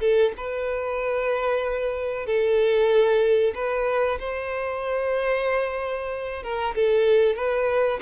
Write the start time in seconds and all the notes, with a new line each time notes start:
0.00 A4
0.37 B4
2.26 A4
3.55 B4
4.19 C5
6.43 A#4
6.75 A4
7.36 B4